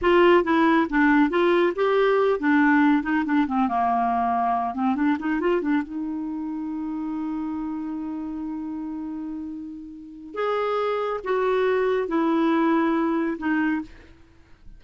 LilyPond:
\new Staff \with { instrumentName = "clarinet" } { \time 4/4 \tempo 4 = 139 f'4 e'4 d'4 f'4 | g'4. d'4. dis'8 d'8 | c'8 ais2~ ais8 c'8 d'8 | dis'8 f'8 d'8 dis'2~ dis'8~ |
dis'1~ | dis'1 | gis'2 fis'2 | e'2. dis'4 | }